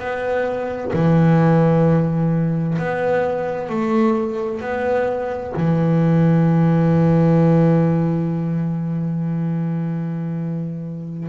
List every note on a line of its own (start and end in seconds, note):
0.00 0.92 B3
0.94 2.78 E3
2.79 3.70 B3
3.70 4.61 A3
4.61 5.53 B3
5.57 11.30 E3